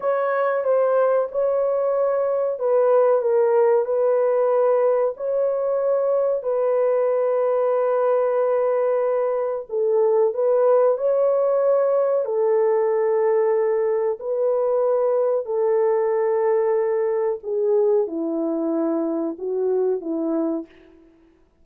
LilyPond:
\new Staff \with { instrumentName = "horn" } { \time 4/4 \tempo 4 = 93 cis''4 c''4 cis''2 | b'4 ais'4 b'2 | cis''2 b'2~ | b'2. a'4 |
b'4 cis''2 a'4~ | a'2 b'2 | a'2. gis'4 | e'2 fis'4 e'4 | }